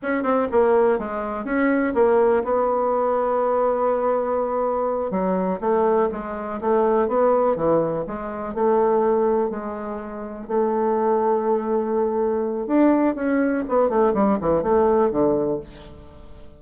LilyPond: \new Staff \with { instrumentName = "bassoon" } { \time 4/4 \tempo 4 = 123 cis'8 c'8 ais4 gis4 cis'4 | ais4 b2.~ | b2~ b8 fis4 a8~ | a8 gis4 a4 b4 e8~ |
e8 gis4 a2 gis8~ | gis4. a2~ a8~ | a2 d'4 cis'4 | b8 a8 g8 e8 a4 d4 | }